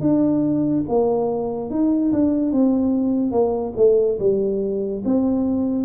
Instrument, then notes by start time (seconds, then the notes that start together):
tuba
0.00 D4
0.88 A#3
1.70 D#4
2.12 D4
2.52 C4
3.31 A#3
3.76 A3
4.19 G3
5.05 C4